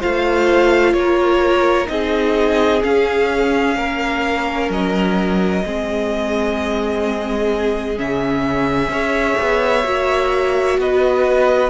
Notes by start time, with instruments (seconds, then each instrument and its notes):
0.00 cello A3, viola F4, violin C5 F5
0.93 cello A#3, violin A#4 C#5
1.86 cello C4, viola D#4, violin G#4 D#5
2.83 viola C#4, cello C#4, violin F5
3.76 cello A#3, violin A#4
4.70 cello F#3, violin D#5
5.65 cello G#3, viola C4, violin G#4
7.96 cello C#3, viola C#4, violin E5
8.88 cello C#4, viola G#4, violin C#5
9.41 cello B3
9.84 cello A#3, viola F#4
10.78 cello B3, violin B4 D#5